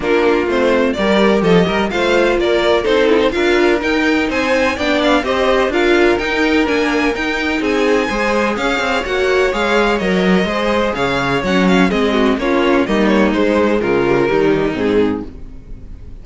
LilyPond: <<
  \new Staff \with { instrumentName = "violin" } { \time 4/4 \tempo 4 = 126 ais'4 c''4 d''4 dis''4 | f''4 d''4 c''8 e'16 c''16 f''4 | g''4 gis''4 g''8 f''8 dis''4 | f''4 g''4 gis''4 g''4 |
gis''2 f''4 fis''4 | f''4 dis''2 f''4 | fis''8 f''8 dis''4 cis''4 dis''8 cis''8 | c''4 ais'2 gis'4 | }
  \new Staff \with { instrumentName = "violin" } { \time 4/4 f'2 ais'4 a'8 ais'8 | c''4 ais'4 a'4 ais'4~ | ais'4 c''4 d''4 c''4 | ais'1 |
gis'4 c''4 cis''2~ | cis''2 c''4 cis''4~ | cis''4 gis'8 fis'8 f'4 dis'4~ | dis'4 f'4 dis'2 | }
  \new Staff \with { instrumentName = "viola" } { \time 4/4 d'4 c'4 g'2 | f'2 dis'4 f'4 | dis'2 d'4 g'4 | f'4 dis'4 d'4 dis'4~ |
dis'4 gis'2 fis'4 | gis'4 ais'4 gis'2 | cis'4 c'4 cis'4 ais4 | gis4. g16 f16 g4 c'4 | }
  \new Staff \with { instrumentName = "cello" } { \time 4/4 ais4 a4 g4 f8 g8 | a4 ais4 c'4 d'4 | dis'4 c'4 b4 c'4 | d'4 dis'4 ais4 dis'4 |
c'4 gis4 cis'8 c'8 ais4 | gis4 fis4 gis4 cis4 | fis4 gis4 ais4 g4 | gis4 cis4 dis4 gis,4 | }
>>